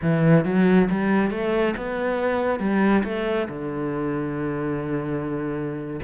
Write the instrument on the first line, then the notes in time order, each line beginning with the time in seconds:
cello
0.02 E3
0.44 F#3
0.90 G3
1.31 A3
1.76 B3
2.59 G3
3.04 A3
3.48 D3